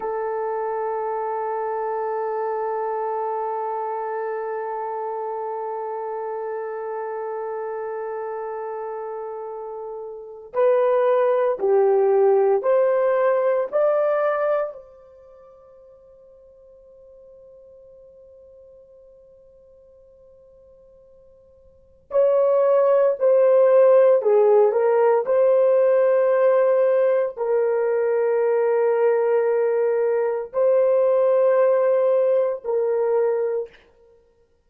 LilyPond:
\new Staff \with { instrumentName = "horn" } { \time 4/4 \tempo 4 = 57 a'1~ | a'1~ | a'2 b'4 g'4 | c''4 d''4 c''2~ |
c''1~ | c''4 cis''4 c''4 gis'8 ais'8 | c''2 ais'2~ | ais'4 c''2 ais'4 | }